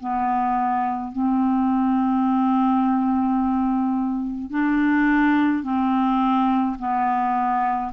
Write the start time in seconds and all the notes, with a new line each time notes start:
0.00 B3
1.12 C4
4.51 D4
5.63 C4
6.79 B3